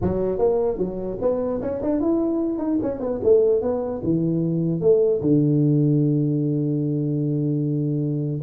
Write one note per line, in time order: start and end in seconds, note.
0.01 0.38 F#3
0.38 0.78 A#3
0.78 1.18 F#3
1.21 1.61 B3
1.61 1.81 C#4
1.82 2.00 D4
2.00 2.58 E4
2.58 2.78 D#4
2.82 3.00 C#4
3.00 3.20 B3
3.23 3.61 A3
3.61 4.01 B3
4.03 4.80 E3
4.80 5.20 A3
5.21 8.41 D3